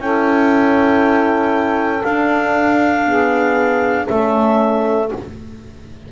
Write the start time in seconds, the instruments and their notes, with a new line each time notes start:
0.00 double bass C#4, horn E4, saxophone A4, clarinet G5
2.04 double bass D4, horn D4, clarinet F5
3.06 horn B3, saxophone G#4
4.07 double bass A3, horn C#4, saxophone A4, clarinet E5